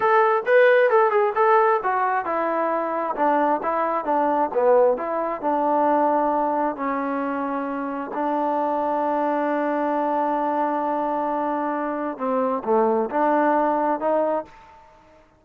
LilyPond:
\new Staff \with { instrumentName = "trombone" } { \time 4/4 \tempo 4 = 133 a'4 b'4 a'8 gis'8 a'4 | fis'4 e'2 d'4 | e'4 d'4 b4 e'4 | d'2. cis'4~ |
cis'2 d'2~ | d'1~ | d'2. c'4 | a4 d'2 dis'4 | }